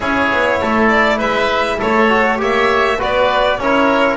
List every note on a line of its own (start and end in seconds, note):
0.00 0.30 C#4
0.00 2.07 E4
0.00 0.59 G#4
0.00 0.88 C#5
0.31 0.61 B3
0.60 1.20 A3
0.60 1.17 A4
0.88 1.18 D5
1.17 1.80 G#3
1.17 1.77 B4
1.17 1.80 E5
1.78 2.41 A3
1.78 2.38 A4
1.78 2.40 C#5
2.08 2.37 F#4
2.37 3.00 A#3
2.37 2.97 G4
2.37 2.98 C#5
2.37 3.01 E5
2.98 3.58 B3
2.98 3.59 F#4
2.98 3.58 B4
2.98 3.60 D5
3.58 4.16 C#4
3.58 4.16 E4
3.58 4.16 A#4
3.58 4.16 C#5